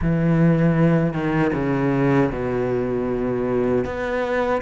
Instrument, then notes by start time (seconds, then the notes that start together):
cello
0.01 E3
1.13 D#3
1.53 C#3
2.31 B2
3.85 B3